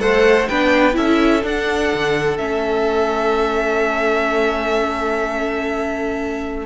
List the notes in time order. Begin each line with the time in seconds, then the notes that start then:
0.00 A3 A4 C5 F#5
0.48 B3 D4 B4 G5
0.93 C#4 E4 A4 E5
1.44 D4 F#5
1.94 D3
2.38 A3 C#4 E5